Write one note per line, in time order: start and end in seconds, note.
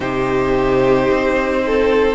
0.00 1.09 C3
0.00 2.15 D#4
0.00 1.62 G4
0.00 2.15 C5
1.10 2.15 C4
1.65 2.15 A4